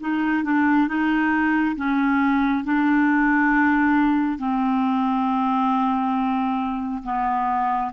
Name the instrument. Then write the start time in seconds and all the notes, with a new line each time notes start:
clarinet
0.00 D#4
0.44 D4
0.87 D#4
1.76 C#4
2.64 D4
4.38 C4
7.03 B3